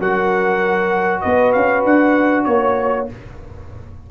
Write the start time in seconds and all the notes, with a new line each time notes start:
0.00 F#3 F#4 A#4 F#5
1.22 B3 B4 D#5
1.53 C#4 F5
1.85 D4 F#5
2.45 A#3 C#5